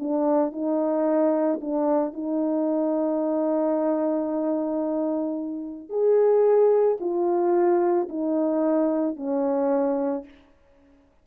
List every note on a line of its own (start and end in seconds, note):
0.00 0.53 D4
0.53 1.61 D#4
1.61 2.14 D4
2.14 5.90 D#4
5.90 6.98 G#4
7.00 8.09 F4
8.09 9.17 D#4
9.17 10.25 C#4